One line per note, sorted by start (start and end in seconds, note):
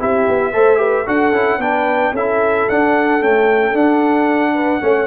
0.00 0.28 C4
0.00 0.54 E4
0.00 0.54 G4
0.00 1.08 E5
0.28 0.55 B3
0.54 1.08 A3
0.54 0.77 A4
0.54 0.79 C5
0.77 1.04 G4
0.77 1.06 B4
1.06 1.32 D4
1.06 1.33 F#4
1.06 1.60 A4
1.06 1.62 F#5
1.32 1.58 C#4
1.32 1.61 E4
1.58 2.12 B3
1.58 2.15 D4
1.58 2.13 B4
1.58 2.15 G5
2.13 2.67 C#4
2.13 2.71 E4
2.13 4.54 A4
2.13 2.70 E5
2.70 3.21 D4
2.70 3.22 D4
2.70 3.23 F#5
3.21 3.74 A3
3.21 3.74 C#4
3.21 3.77 G5
3.74 4.81 D4
3.74 5.07 F#5
4.55 4.81 B4
4.81 5.07 A3
4.81 5.07 C#4
4.81 5.07 C#5